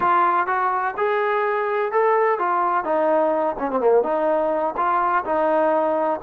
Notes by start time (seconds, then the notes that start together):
0.00 F4
0.46 F#4
0.97 G#4
1.92 A4
2.38 F4
2.84 D#4
3.58 C#4
3.70 C4
3.80 A#3
4.03 D#4
4.76 F4
5.24 D#4